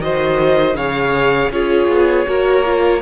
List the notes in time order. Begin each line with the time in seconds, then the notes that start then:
0.00 D#3 F#4 C5 D#5
0.75 C#3 G#4 C#5 F5
1.50 C#4 F4 G#4 C#5
1.88 B3
2.27 A#3 F#4 A#4
2.65 F4